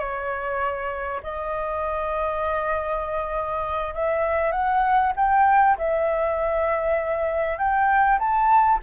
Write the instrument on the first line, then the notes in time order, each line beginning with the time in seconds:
flute
0.00 C#5
1.23 D#5
3.95 E5
4.52 F#5
5.17 G5
5.78 E5
7.59 G5
8.19 A5